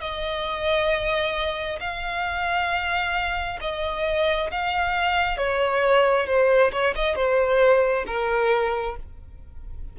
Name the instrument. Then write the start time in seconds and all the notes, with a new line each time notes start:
violin
0.00 D#5
1.80 F5
3.61 D#5
4.51 F5
5.37 C#5
6.26 C5
6.71 C#5
6.95 D#5
7.15 C5
8.06 A#4